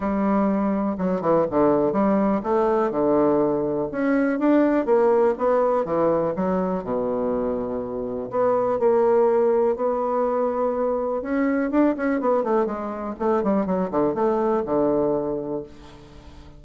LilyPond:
\new Staff \with { instrumentName = "bassoon" } { \time 4/4 \tempo 4 = 123 g2 fis8 e8 d4 | g4 a4 d2 | cis'4 d'4 ais4 b4 | e4 fis4 b,2~ |
b,4 b4 ais2 | b2. cis'4 | d'8 cis'8 b8 a8 gis4 a8 g8 | fis8 d8 a4 d2 | }